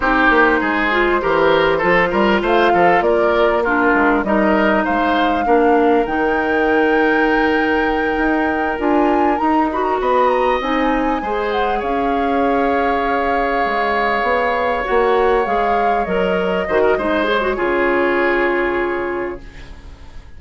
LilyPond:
<<
  \new Staff \with { instrumentName = "flute" } { \time 4/4 \tempo 4 = 99 c''1 | f''4 d''4 ais'4 dis''4 | f''2 g''2~ | g''2~ g''8 gis''4 ais''8 |
b''16 ais''16 b''8 ais''8 gis''4. fis''8 f''8~ | f''1~ | f''8 fis''4 f''4 dis''4.~ | dis''8 cis''2.~ cis''8 | }
  \new Staff \with { instrumentName = "oboe" } { \time 4/4 g'4 gis'4 ais'4 a'8 ais'8 | c''8 a'8 ais'4 f'4 ais'4 | c''4 ais'2.~ | ais'1~ |
ais'8 dis''2 c''4 cis''8~ | cis''1~ | cis''2.~ cis''8 c''16 ais'16 | c''4 gis'2. | }
  \new Staff \with { instrumentName = "clarinet" } { \time 4/4 dis'4. f'8 g'4 f'4~ | f'2 d'4 dis'4~ | dis'4 d'4 dis'2~ | dis'2~ dis'8 f'4 dis'8 |
fis'4. dis'4 gis'4.~ | gis'1~ | gis'8 fis'4 gis'4 ais'4 fis'8 | dis'8 gis'16 fis'16 f'2. | }
  \new Staff \with { instrumentName = "bassoon" } { \time 4/4 c'8 ais8 gis4 e4 f8 g8 | a8 f8 ais4. gis8 g4 | gis4 ais4 dis2~ | dis4. dis'4 d'4 dis'8~ |
dis'8 b4 c'4 gis4 cis'8~ | cis'2~ cis'8 gis4 b8~ | b8 ais4 gis4 fis4 dis8 | gis4 cis2. | }
>>